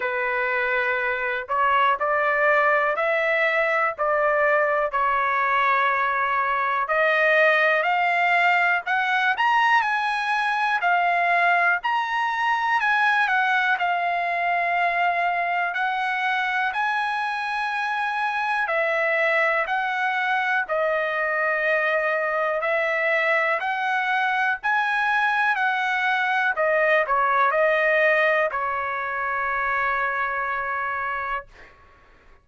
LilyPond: \new Staff \with { instrumentName = "trumpet" } { \time 4/4 \tempo 4 = 61 b'4. cis''8 d''4 e''4 | d''4 cis''2 dis''4 | f''4 fis''8 ais''8 gis''4 f''4 | ais''4 gis''8 fis''8 f''2 |
fis''4 gis''2 e''4 | fis''4 dis''2 e''4 | fis''4 gis''4 fis''4 dis''8 cis''8 | dis''4 cis''2. | }